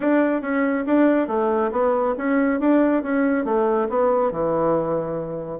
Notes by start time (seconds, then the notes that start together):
0.00 D4
0.41 C#4
0.86 D4
1.27 A3
1.71 B3
2.17 C#4
2.59 D4
3.02 C#4
3.45 A3
3.89 B3
4.31 E3